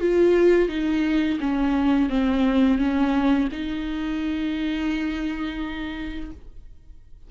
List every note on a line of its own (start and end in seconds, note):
0.00 0.68 F4
0.68 1.38 D#4
1.40 2.09 C#4
2.09 2.78 C4
2.78 3.48 C#4
3.52 6.31 D#4